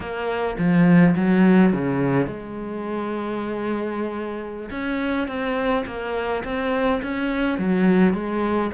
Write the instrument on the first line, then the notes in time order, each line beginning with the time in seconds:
cello
0.00 A#3
0.58 F3
1.16 F#3
1.72 C#3
2.26 G#3
4.70 C#4
5.27 C4
5.86 A#3
6.44 C4
7.02 C#4
7.58 F#3
8.13 G#3